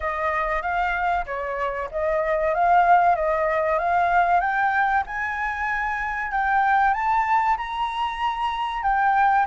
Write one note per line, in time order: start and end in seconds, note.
0.00 0.61 D#5
0.61 1.25 F5
1.25 1.89 C#5
1.91 2.54 D#5
2.54 3.15 F5
3.15 3.78 D#5
3.79 4.40 F5
4.40 5.03 G5
5.06 6.31 G#5
6.31 6.93 G5
6.93 7.56 A5
7.57 8.82 A#5
8.82 9.46 G5